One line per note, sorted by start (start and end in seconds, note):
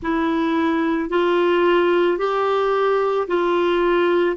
0.02 1.09 E4
1.09 2.18 F4
2.18 3.27 G4
3.27 4.36 F4